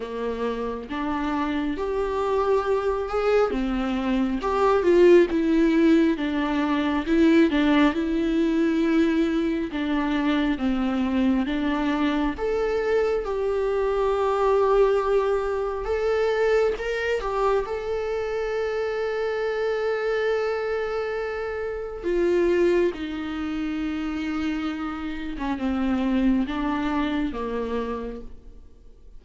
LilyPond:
\new Staff \with { instrumentName = "viola" } { \time 4/4 \tempo 4 = 68 ais4 d'4 g'4. gis'8 | c'4 g'8 f'8 e'4 d'4 | e'8 d'8 e'2 d'4 | c'4 d'4 a'4 g'4~ |
g'2 a'4 ais'8 g'8 | a'1~ | a'4 f'4 dis'2~ | dis'8. cis'16 c'4 d'4 ais4 | }